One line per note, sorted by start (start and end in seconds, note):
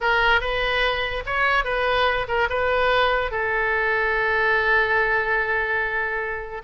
0.00 0.40 A#4
0.40 1.23 B4
1.25 1.64 C#5
1.64 2.26 B4
2.27 2.48 A#4
2.49 3.31 B4
3.31 6.62 A4